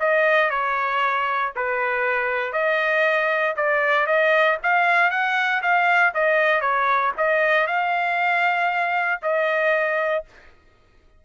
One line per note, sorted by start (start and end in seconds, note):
0.00 0.50 D#5
0.50 1.53 C#5
1.56 2.53 B4
2.53 3.55 D#5
3.56 4.07 D5
4.07 4.58 D#5
4.63 5.11 F5
5.11 5.62 F#5
5.62 6.14 F5
6.14 6.61 D#5
6.61 7.12 C#5
7.17 7.67 D#5
7.67 9.21 F5
9.22 10.25 D#5